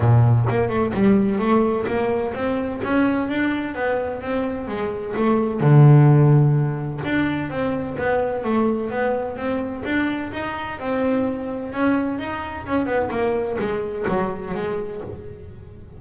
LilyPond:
\new Staff \with { instrumentName = "double bass" } { \time 4/4 \tempo 4 = 128 ais,4 ais8 a8 g4 a4 | ais4 c'4 cis'4 d'4 | b4 c'4 gis4 a4 | d2. d'4 |
c'4 b4 a4 b4 | c'4 d'4 dis'4 c'4~ | c'4 cis'4 dis'4 cis'8 b8 | ais4 gis4 fis4 gis4 | }